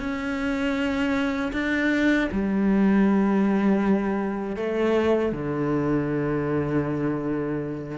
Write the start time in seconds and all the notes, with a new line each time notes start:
0.00 C#4
1.53 D4
2.32 G3
4.56 A3
5.32 D3